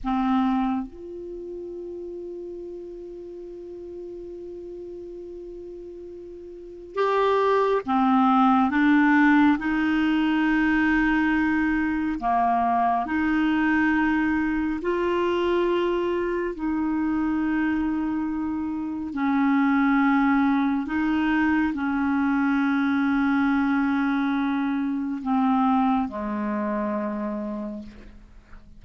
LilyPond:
\new Staff \with { instrumentName = "clarinet" } { \time 4/4 \tempo 4 = 69 c'4 f'2.~ | f'1 | g'4 c'4 d'4 dis'4~ | dis'2 ais4 dis'4~ |
dis'4 f'2 dis'4~ | dis'2 cis'2 | dis'4 cis'2.~ | cis'4 c'4 gis2 | }